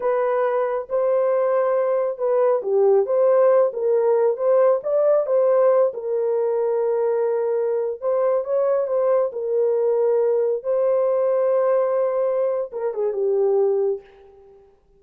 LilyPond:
\new Staff \with { instrumentName = "horn" } { \time 4/4 \tempo 4 = 137 b'2 c''2~ | c''4 b'4 g'4 c''4~ | c''8 ais'4. c''4 d''4 | c''4. ais'2~ ais'8~ |
ais'2~ ais'16 c''4 cis''8.~ | cis''16 c''4 ais'2~ ais'8.~ | ais'16 c''2.~ c''8.~ | c''4 ais'8 gis'8 g'2 | }